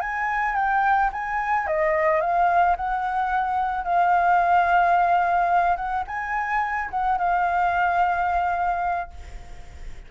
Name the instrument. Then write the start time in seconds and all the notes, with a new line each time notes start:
flute
0.00 G#5
0.55 G5
1.12 G#5
1.67 D#5
2.21 F5
2.76 F#5
3.84 F5
5.76 F#5
6.07 G#5
6.91 F#5
7.18 F5